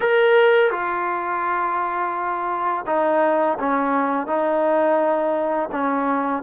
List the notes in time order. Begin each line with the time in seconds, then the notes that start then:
0.00 A#4
0.70 F4
2.86 D#4
3.59 C#4
4.26 D#4
5.71 C#4